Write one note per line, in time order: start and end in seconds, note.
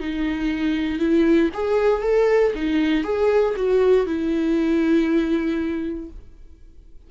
0.00 0.99 D#4
0.99 1.50 E4
1.54 2.02 G#4
2.02 2.53 A4
2.56 3.04 D#4
3.04 3.55 G#4
3.56 4.07 F#4
4.07 6.10 E4